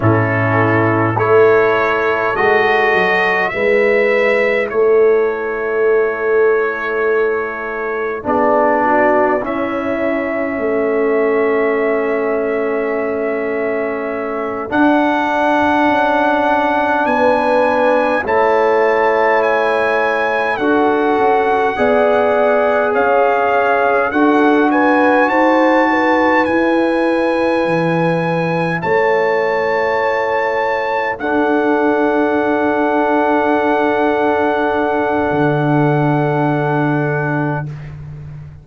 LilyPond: <<
  \new Staff \with { instrumentName = "trumpet" } { \time 4/4 \tempo 4 = 51 a'4 cis''4 dis''4 e''4 | cis''2. d''4 | e''1~ | e''8 fis''2 gis''4 a''8~ |
a''8 gis''4 fis''2 f''8~ | f''8 fis''8 gis''8 a''4 gis''4.~ | gis''8 a''2 fis''4.~ | fis''1 | }
  \new Staff \with { instrumentName = "horn" } { \time 4/4 e'4 a'2 b'4 | a'2. gis'8 fis'8 | e'4 a'2.~ | a'2~ a'8 b'4 cis''8~ |
cis''4. a'4 d''4 cis''8~ | cis''8 a'8 b'8 c''8 b'2~ | b'8 cis''2 a'4.~ | a'1 | }
  \new Staff \with { instrumentName = "trombone" } { \time 4/4 cis'4 e'4 fis'4 e'4~ | e'2. d'4 | cis'1~ | cis'8 d'2. e'8~ |
e'4. fis'4 gis'4.~ | gis'8 fis'2 e'4.~ | e'2~ e'8 d'4.~ | d'1 | }
  \new Staff \with { instrumentName = "tuba" } { \time 4/4 a,4 a4 gis8 fis8 gis4 | a2. b4 | cis'4 a2.~ | a8 d'4 cis'4 b4 a8~ |
a4. d'8 cis'8 b4 cis'8~ | cis'8 d'4 dis'4 e'4 e8~ | e8 a2 d'4.~ | d'2 d2 | }
>>